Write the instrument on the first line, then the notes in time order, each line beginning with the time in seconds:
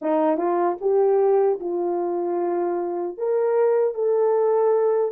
horn
0.01 D#4
0.37 F4
0.80 G4
1.60 F4
3.17 A#4
3.94 A4